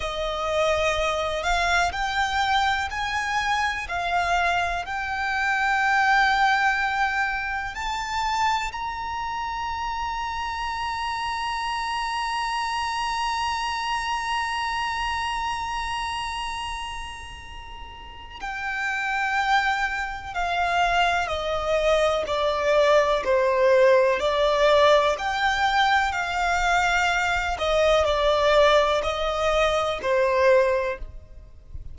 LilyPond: \new Staff \with { instrumentName = "violin" } { \time 4/4 \tempo 4 = 62 dis''4. f''8 g''4 gis''4 | f''4 g''2. | a''4 ais''2.~ | ais''1~ |
ais''2. g''4~ | g''4 f''4 dis''4 d''4 | c''4 d''4 g''4 f''4~ | f''8 dis''8 d''4 dis''4 c''4 | }